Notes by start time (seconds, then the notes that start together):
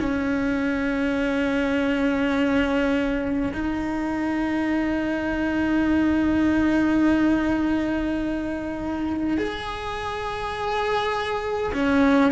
0.00 C#4
3.53 D#4
9.38 G#4
11.74 C#4